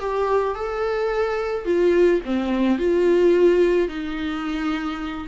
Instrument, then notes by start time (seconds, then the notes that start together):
viola
0.00 G4
0.55 A4
1.66 F4
2.26 C4
2.79 F4
3.89 D#4